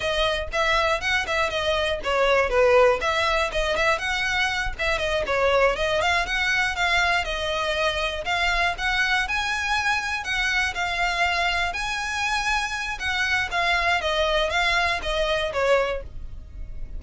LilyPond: \new Staff \with { instrumentName = "violin" } { \time 4/4 \tempo 4 = 120 dis''4 e''4 fis''8 e''8 dis''4 | cis''4 b'4 e''4 dis''8 e''8 | fis''4. e''8 dis''8 cis''4 dis''8 | f''8 fis''4 f''4 dis''4.~ |
dis''8 f''4 fis''4 gis''4.~ | gis''8 fis''4 f''2 gis''8~ | gis''2 fis''4 f''4 | dis''4 f''4 dis''4 cis''4 | }